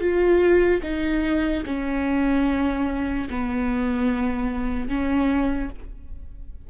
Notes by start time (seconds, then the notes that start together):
0.00 F4
0.83 D#4
1.66 C#4
3.29 B3
4.88 C#4